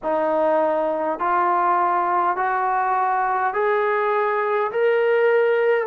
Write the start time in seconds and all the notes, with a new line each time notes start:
0.03 D#4
1.19 F4
2.36 F#4
3.53 G#4
4.71 A#4